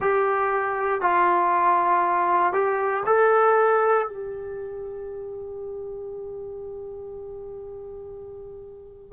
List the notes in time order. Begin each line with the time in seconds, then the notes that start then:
0.00 G4
1.01 F4
2.52 G4
3.06 A4
4.07 G4